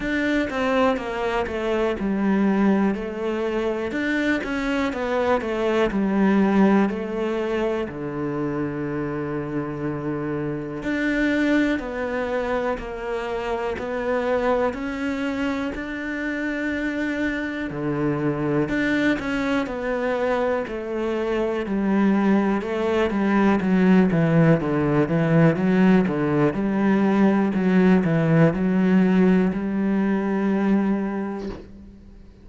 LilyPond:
\new Staff \with { instrumentName = "cello" } { \time 4/4 \tempo 4 = 61 d'8 c'8 ais8 a8 g4 a4 | d'8 cis'8 b8 a8 g4 a4 | d2. d'4 | b4 ais4 b4 cis'4 |
d'2 d4 d'8 cis'8 | b4 a4 g4 a8 g8 | fis8 e8 d8 e8 fis8 d8 g4 | fis8 e8 fis4 g2 | }